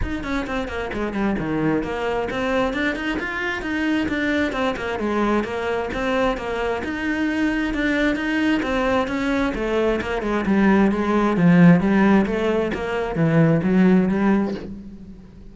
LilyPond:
\new Staff \with { instrumentName = "cello" } { \time 4/4 \tempo 4 = 132 dis'8 cis'8 c'8 ais8 gis8 g8 dis4 | ais4 c'4 d'8 dis'8 f'4 | dis'4 d'4 c'8 ais8 gis4 | ais4 c'4 ais4 dis'4~ |
dis'4 d'4 dis'4 c'4 | cis'4 a4 ais8 gis8 g4 | gis4 f4 g4 a4 | ais4 e4 fis4 g4 | }